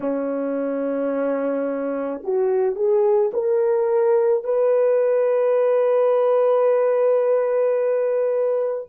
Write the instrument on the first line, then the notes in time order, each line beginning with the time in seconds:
horn
0.00 C#4
2.23 F#4
2.75 G#4
3.33 A#4
4.44 B4